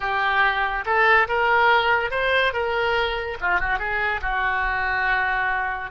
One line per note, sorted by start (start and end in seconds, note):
0.00 0.85 G4
0.85 1.27 A4
1.28 2.10 A#4
2.10 2.53 C5
2.53 3.37 A#4
3.41 3.60 F4
3.60 3.78 F#4
3.78 4.21 G#4
4.21 5.90 F#4